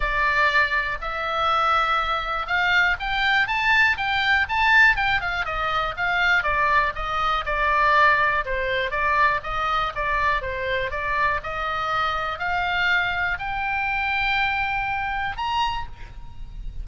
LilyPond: \new Staff \with { instrumentName = "oboe" } { \time 4/4 \tempo 4 = 121 d''2 e''2~ | e''4 f''4 g''4 a''4 | g''4 a''4 g''8 f''8 dis''4 | f''4 d''4 dis''4 d''4~ |
d''4 c''4 d''4 dis''4 | d''4 c''4 d''4 dis''4~ | dis''4 f''2 g''4~ | g''2. ais''4 | }